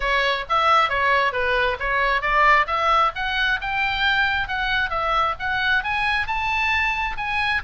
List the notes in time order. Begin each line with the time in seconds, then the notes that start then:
0.00 C#5
0.49 E5
0.89 C#5
1.32 B4
1.79 C#5
2.21 D5
2.66 E5
3.15 F#5
3.61 G5
4.48 F#5
4.89 E5
5.39 F#5
5.83 G#5
6.27 A5
7.17 G#5